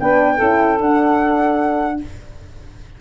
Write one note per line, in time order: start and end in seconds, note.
0.00 0.40 B3
0.00 0.39 D4
0.00 0.37 B4
0.00 0.80 G5
0.37 0.80 C#4
0.37 0.78 E4
0.37 1.97 A4
0.78 1.98 D4
0.78 2.00 D4
0.78 2.01 F#5